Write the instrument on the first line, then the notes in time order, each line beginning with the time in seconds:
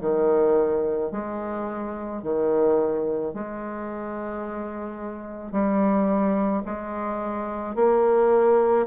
bassoon
0.00 D#3
1.11 G#3
2.22 D#3
3.33 G#3
5.52 G3
6.65 G#3
7.75 A#3